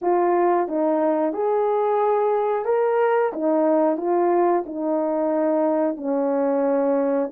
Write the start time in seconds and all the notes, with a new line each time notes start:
0.01 F4
0.68 D#4
1.33 G#4
2.65 A#4
3.32 D#4
3.97 F4
4.66 D#4
5.97 C#4